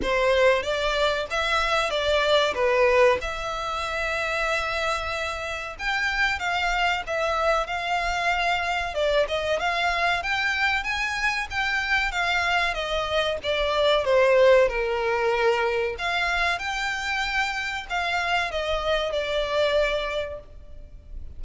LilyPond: \new Staff \with { instrumentName = "violin" } { \time 4/4 \tempo 4 = 94 c''4 d''4 e''4 d''4 | b'4 e''2.~ | e''4 g''4 f''4 e''4 | f''2 d''8 dis''8 f''4 |
g''4 gis''4 g''4 f''4 | dis''4 d''4 c''4 ais'4~ | ais'4 f''4 g''2 | f''4 dis''4 d''2 | }